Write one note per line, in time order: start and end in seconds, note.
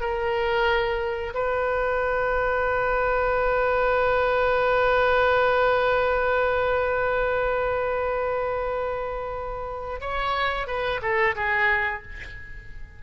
0.00 1.33 A#4
1.34 10.01 B4
10.01 10.67 C#5
10.67 11.00 B4
11.02 11.35 A4
11.35 12.02 G#4